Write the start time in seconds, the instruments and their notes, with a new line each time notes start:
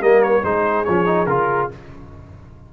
0.00 tuba G3, trombone A#3, horn A#4, trumpet D#5
0.23 trumpet C#5
0.43 tuba G#3, trombone D#4, horn G#4, trumpet C5
0.84 tuba F3, trombone C#4, trumpet C#5
1.06 trombone D#4
1.26 tuba C#3, trombone F4, trumpet A#4